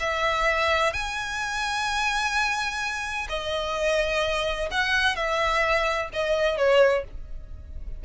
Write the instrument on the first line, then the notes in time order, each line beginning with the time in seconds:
violin
0.00 E5
0.93 G#5
3.29 D#5
4.71 F#5
5.16 E5
6.13 D#5
6.58 C#5